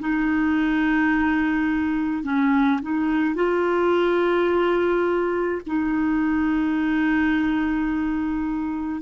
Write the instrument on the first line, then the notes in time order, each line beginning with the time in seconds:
clarinet
0.00 D#4
2.23 C#4
2.82 D#4
3.35 F4
5.67 D#4